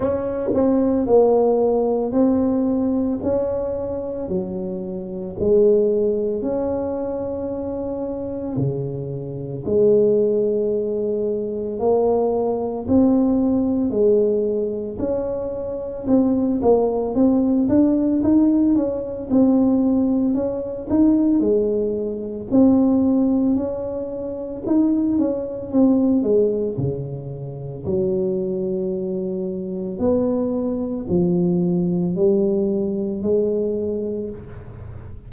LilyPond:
\new Staff \with { instrumentName = "tuba" } { \time 4/4 \tempo 4 = 56 cis'8 c'8 ais4 c'4 cis'4 | fis4 gis4 cis'2 | cis4 gis2 ais4 | c'4 gis4 cis'4 c'8 ais8 |
c'8 d'8 dis'8 cis'8 c'4 cis'8 dis'8 | gis4 c'4 cis'4 dis'8 cis'8 | c'8 gis8 cis4 fis2 | b4 f4 g4 gis4 | }